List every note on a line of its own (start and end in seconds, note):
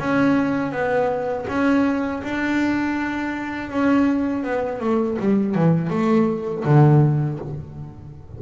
0.00 0.72 C#4
0.72 1.46 B3
1.49 2.23 C#4
2.24 3.70 D4
3.70 4.44 C#4
4.44 4.80 B3
4.80 5.17 A3
5.19 5.55 G3
5.55 5.90 E3
5.90 6.64 A3
6.65 7.39 D3